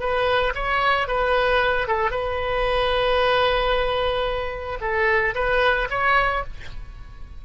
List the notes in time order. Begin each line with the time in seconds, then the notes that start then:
0.00 B4
0.55 C#5
1.08 B4
1.88 A4
2.11 B4
4.81 A4
5.35 B4
5.90 C#5